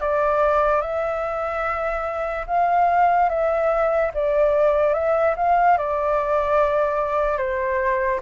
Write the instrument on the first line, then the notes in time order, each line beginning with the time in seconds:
flute
0.00 D5
0.81 E5
2.47 F5
3.29 E5
4.14 D5
4.93 E5
5.36 F5
5.78 D5
7.37 C5